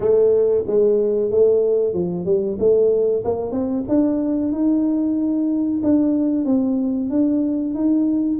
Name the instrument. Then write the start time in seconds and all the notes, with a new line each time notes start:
tuba
0.00 A3
0.66 G#3
1.30 A3
1.93 F3
2.25 G3
2.59 A3
3.24 A#3
3.51 C4
3.88 D4
4.52 D#4
5.83 D4
6.45 C4
7.10 D4
7.74 D#4